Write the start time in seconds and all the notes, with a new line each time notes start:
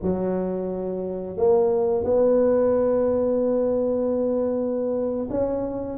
0.02 F#3
1.36 A#3
2.04 B3
5.29 C#4